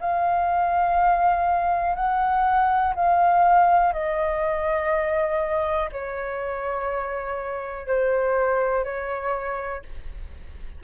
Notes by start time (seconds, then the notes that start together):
0.00 F5
1.95 F#5
2.95 F5
3.93 D#5
5.92 C#5
7.86 C5
8.84 C#5